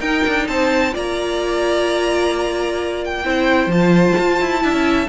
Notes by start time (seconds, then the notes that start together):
0.00 D#4 A#4 G5
0.27 D4
0.48 C4 C5 A5
0.92 A#3 F4 D5 A#5
3.05 G5
3.24 C4 E4 C5
3.67 F3 F4 A5
4.19 F4
4.41 E4
4.60 D4 E4 E5
4.72 C#4